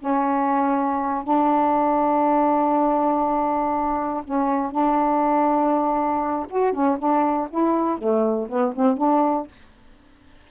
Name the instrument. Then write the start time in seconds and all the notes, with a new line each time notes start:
saxophone
0.00 C#4
1.24 D4
4.25 C#4
4.72 D4
6.50 F#4
6.73 C#4
6.99 D4
7.50 E4
7.99 A3
8.49 B3
8.76 C4
8.97 D4